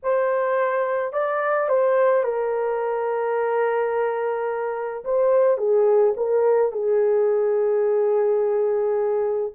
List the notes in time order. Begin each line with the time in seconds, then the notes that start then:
0.02 C5
1.12 D5
1.68 C5
2.23 A#4
5.04 C5
5.57 G#4
6.17 A#4
6.72 G#4